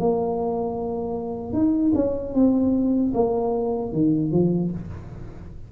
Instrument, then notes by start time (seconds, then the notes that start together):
tuba
0.00 A#3
1.53 D#4
1.95 C#4
2.34 C4
3.14 A#3
3.93 D#3
4.32 F3